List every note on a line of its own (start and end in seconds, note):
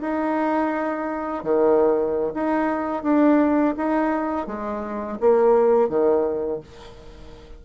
0.00 1.43 D#4
1.43 2.32 D#3
2.34 3.03 D#4
3.03 3.74 D4
3.77 4.46 D#4
4.46 5.18 G#3
5.19 5.89 A#3
5.89 6.60 D#3